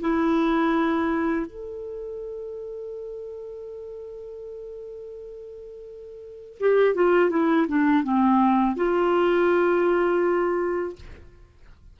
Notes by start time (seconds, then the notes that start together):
0.00 E4
1.46 A4
6.60 G4
6.95 F4
7.30 E4
7.68 D4
8.04 C4
8.76 F4